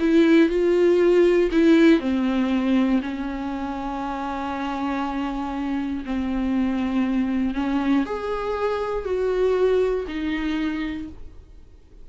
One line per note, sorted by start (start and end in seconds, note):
0.00 0.50 E4
0.50 1.51 F4
1.52 2.01 E4
2.01 3.01 C4
3.03 6.05 C#4
6.06 7.55 C4
7.55 8.06 C#4
8.06 9.05 G#4
9.05 10.06 F#4
10.08 11.09 D#4